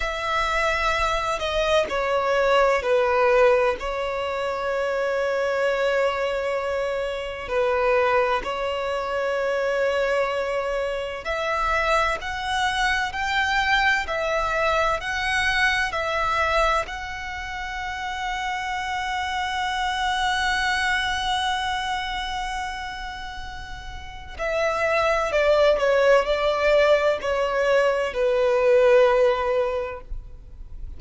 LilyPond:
\new Staff \with { instrumentName = "violin" } { \time 4/4 \tempo 4 = 64 e''4. dis''8 cis''4 b'4 | cis''1 | b'4 cis''2. | e''4 fis''4 g''4 e''4 |
fis''4 e''4 fis''2~ | fis''1~ | fis''2 e''4 d''8 cis''8 | d''4 cis''4 b'2 | }